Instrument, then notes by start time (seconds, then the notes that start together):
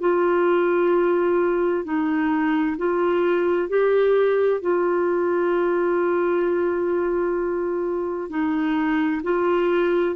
clarinet
0.00 F4
1.84 D#4
2.77 F4
3.69 G4
4.61 F4
8.30 D#4
9.23 F4